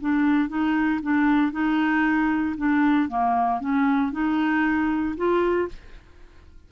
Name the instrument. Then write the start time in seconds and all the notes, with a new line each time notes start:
clarinet
0.00 D4
0.49 D#4
1.02 D4
1.52 D#4
2.57 D4
3.08 A#3
3.60 C#4
4.12 D#4
5.17 F4